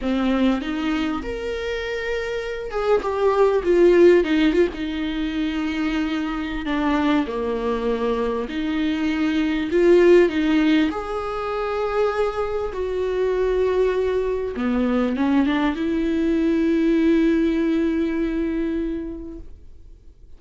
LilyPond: \new Staff \with { instrumentName = "viola" } { \time 4/4 \tempo 4 = 99 c'4 dis'4 ais'2~ | ais'8 gis'8 g'4 f'4 dis'8 f'16 dis'16~ | dis'2. d'4 | ais2 dis'2 |
f'4 dis'4 gis'2~ | gis'4 fis'2. | b4 cis'8 d'8 e'2~ | e'1 | }